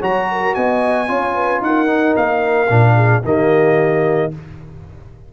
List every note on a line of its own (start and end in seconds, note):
0.00 0.56 F#3
0.00 1.08 F#4
0.00 0.27 C#5
0.00 0.55 A#5
0.32 0.56 A#4
0.55 1.10 B3
0.55 1.09 D#5
0.55 1.62 G#5
1.08 1.61 C#4
1.08 1.87 F4
1.08 1.35 C#5
1.35 1.62 B4
1.61 2.15 D#4
1.61 2.96 A#4
1.61 2.17 F#5
1.87 2.67 D#4
2.17 2.70 A#3
2.17 3.24 F5
2.70 3.23 A#2
2.70 3.23 D4
2.96 3.22 G#4
3.24 4.31 D#3
3.24 4.31 A#3
3.24 4.33 G4
3.24 4.33 D#5